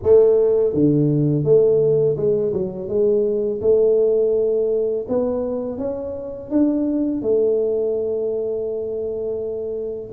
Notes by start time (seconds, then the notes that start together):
0.03 A3
0.73 D3
1.44 A3
2.17 G#3
2.53 F#3
2.88 G#3
3.61 A3
5.08 B3
5.78 C#4
6.50 D4
7.22 A3